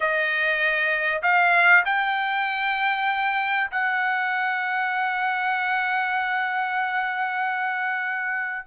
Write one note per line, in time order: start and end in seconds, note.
0.00 1.21 D#5
1.22 1.84 F5
1.85 3.71 G5
3.71 8.66 F#5